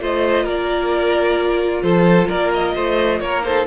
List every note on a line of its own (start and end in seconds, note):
0.00 0.44 A3
0.00 3.42 F4
0.00 0.44 C5
0.00 0.48 D#5
0.44 1.82 A#3
0.44 1.82 A#4
0.44 1.82 D5
1.82 2.28 F3
1.82 2.28 A4
1.82 2.28 C5
2.28 2.76 A#3
2.28 2.74 A#4
2.28 2.51 D5
2.53 3.19 D#5
2.74 3.20 A3
2.74 3.20 C5
3.19 3.66 A#3
3.19 3.46 A#4
3.19 3.42 C#5
3.42 3.65 D#4
3.42 3.67 A4
3.42 3.66 C5